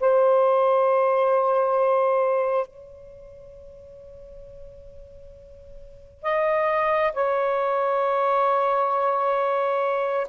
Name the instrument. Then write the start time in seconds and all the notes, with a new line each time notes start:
saxophone
0.00 C5
2.67 C#5
6.23 D#5
7.14 C#5